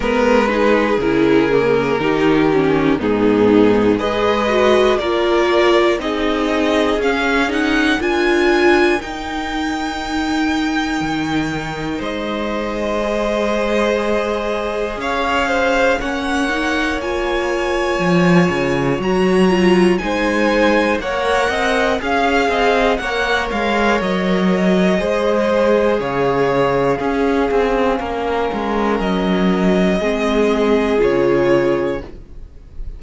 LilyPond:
<<
  \new Staff \with { instrumentName = "violin" } { \time 4/4 \tempo 4 = 60 b'4 ais'2 gis'4 | dis''4 d''4 dis''4 f''8 fis''8 | gis''4 g''2. | dis''2. f''4 |
fis''4 gis''2 ais''4 | gis''4 fis''4 f''4 fis''8 f''8 | dis''2 f''2~ | f''4 dis''2 cis''4 | }
  \new Staff \with { instrumentName = "violin" } { \time 4/4 ais'8 gis'4. g'4 dis'4 | b'4 ais'4 gis'2 | ais'1 | c''2. cis''8 c''8 |
cis''1 | c''4 cis''8 dis''8 f''8 dis''8 cis''4~ | cis''4 c''4 cis''4 gis'4 | ais'2 gis'2 | }
  \new Staff \with { instrumentName = "viola" } { \time 4/4 b8 dis'8 e'8 ais8 dis'8 cis'8 b4 | gis'8 fis'8 f'4 dis'4 cis'8 dis'8 | f'4 dis'2.~ | dis'4 gis'2. |
cis'8 dis'8 f'2 fis'8 f'8 | dis'4 ais'4 gis'4 ais'4~ | ais'4 gis'2 cis'4~ | cis'2 c'4 f'4 | }
  \new Staff \with { instrumentName = "cello" } { \time 4/4 gis4 cis4 dis4 gis,4 | gis4 ais4 c'4 cis'4 | d'4 dis'2 dis4 | gis2. cis'4 |
ais2 f8 cis8 fis4 | gis4 ais8 c'8 cis'8 c'8 ais8 gis8 | fis4 gis4 cis4 cis'8 c'8 | ais8 gis8 fis4 gis4 cis4 | }
>>